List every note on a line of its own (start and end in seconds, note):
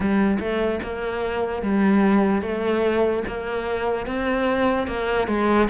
0.00 0.38 G3
0.39 0.80 A3
0.83 1.62 A#3
1.62 2.41 G3
2.41 3.22 A3
3.27 4.06 A#3
4.06 4.87 C4
4.87 5.27 A#3
5.27 5.68 G#3